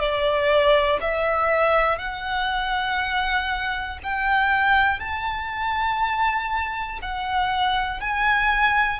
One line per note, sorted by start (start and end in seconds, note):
0.00 1.00 D5
1.01 1.99 E5
1.99 3.99 F#5
4.03 5.00 G5
5.00 7.00 A5
7.02 8.00 F#5
8.00 9.00 G#5